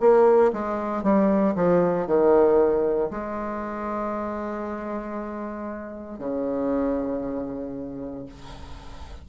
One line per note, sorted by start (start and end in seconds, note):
0.00 0.52 A#3
0.53 1.03 G#3
1.03 1.55 G3
1.55 2.06 F3
2.06 3.10 D#3
3.10 6.19 G#3
6.19 8.26 C#3